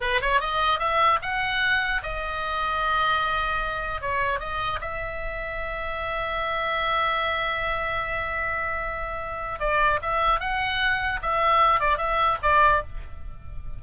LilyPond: \new Staff \with { instrumentName = "oboe" } { \time 4/4 \tempo 4 = 150 b'8 cis''8 dis''4 e''4 fis''4~ | fis''4 dis''2.~ | dis''2 cis''4 dis''4 | e''1~ |
e''1~ | e''1 | d''4 e''4 fis''2 | e''4. d''8 e''4 d''4 | }